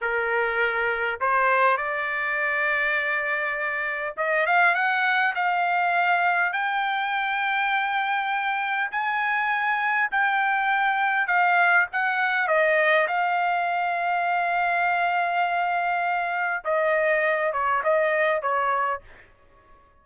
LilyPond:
\new Staff \with { instrumentName = "trumpet" } { \time 4/4 \tempo 4 = 101 ais'2 c''4 d''4~ | d''2. dis''8 f''8 | fis''4 f''2 g''4~ | g''2. gis''4~ |
gis''4 g''2 f''4 | fis''4 dis''4 f''2~ | f''1 | dis''4. cis''8 dis''4 cis''4 | }